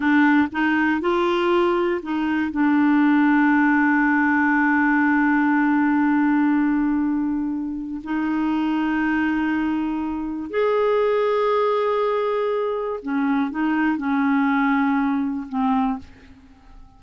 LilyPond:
\new Staff \with { instrumentName = "clarinet" } { \time 4/4 \tempo 4 = 120 d'4 dis'4 f'2 | dis'4 d'2.~ | d'1~ | d'1 |
dis'1~ | dis'4 gis'2.~ | gis'2 cis'4 dis'4 | cis'2. c'4 | }